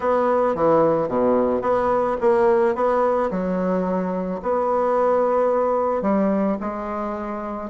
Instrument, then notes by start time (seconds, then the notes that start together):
bassoon
0.00 B3
0.55 E3
1.08 B2
1.61 B3
2.20 A#3
2.75 B3
3.31 F#3
4.42 B3
6.02 G3
6.60 G#3